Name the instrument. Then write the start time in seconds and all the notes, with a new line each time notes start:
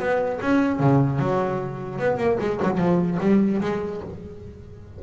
double bass
0.00 B3
0.41 C#4
0.80 C#3
1.19 F#3
1.99 B3
2.18 A#3
2.40 G#3
2.63 F#3
2.78 F3
3.21 G3
3.61 G#3